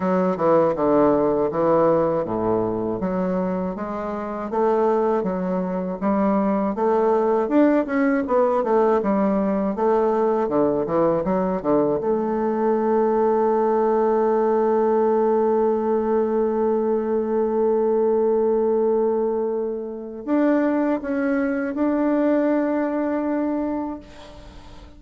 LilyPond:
\new Staff \with { instrumentName = "bassoon" } { \time 4/4 \tempo 4 = 80 fis8 e8 d4 e4 a,4 | fis4 gis4 a4 fis4 | g4 a4 d'8 cis'8 b8 a8 | g4 a4 d8 e8 fis8 d8 |
a1~ | a1~ | a2. d'4 | cis'4 d'2. | }